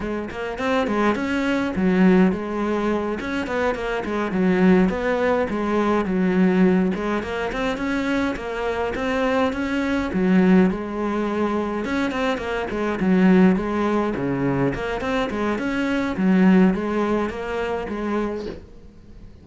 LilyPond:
\new Staff \with { instrumentName = "cello" } { \time 4/4 \tempo 4 = 104 gis8 ais8 c'8 gis8 cis'4 fis4 | gis4. cis'8 b8 ais8 gis8 fis8~ | fis8 b4 gis4 fis4. | gis8 ais8 c'8 cis'4 ais4 c'8~ |
c'8 cis'4 fis4 gis4.~ | gis8 cis'8 c'8 ais8 gis8 fis4 gis8~ | gis8 cis4 ais8 c'8 gis8 cis'4 | fis4 gis4 ais4 gis4 | }